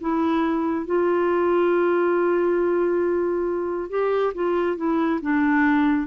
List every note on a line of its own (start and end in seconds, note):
0.00 0.85 E4
0.85 3.89 F4
3.89 4.33 G4
4.34 4.76 F4
4.76 5.20 E4
5.21 6.07 D4